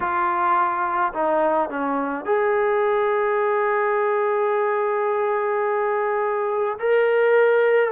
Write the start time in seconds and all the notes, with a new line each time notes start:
0.00 F4
1.13 D#4
1.69 C#4
2.25 G#4
6.79 A#4